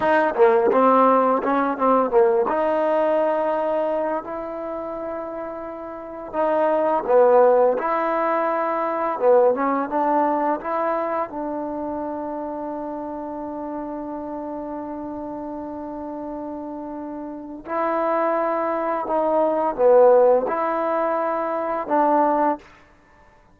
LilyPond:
\new Staff \with { instrumentName = "trombone" } { \time 4/4 \tempo 4 = 85 dis'8 ais8 c'4 cis'8 c'8 ais8 dis'8~ | dis'2 e'2~ | e'4 dis'4 b4 e'4~ | e'4 b8 cis'8 d'4 e'4 |
d'1~ | d'1~ | d'4 e'2 dis'4 | b4 e'2 d'4 | }